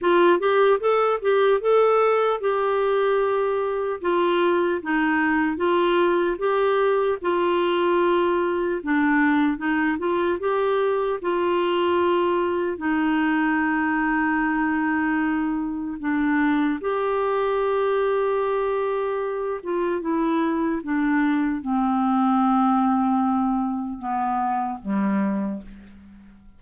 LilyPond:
\new Staff \with { instrumentName = "clarinet" } { \time 4/4 \tempo 4 = 75 f'8 g'8 a'8 g'8 a'4 g'4~ | g'4 f'4 dis'4 f'4 | g'4 f'2 d'4 | dis'8 f'8 g'4 f'2 |
dis'1 | d'4 g'2.~ | g'8 f'8 e'4 d'4 c'4~ | c'2 b4 g4 | }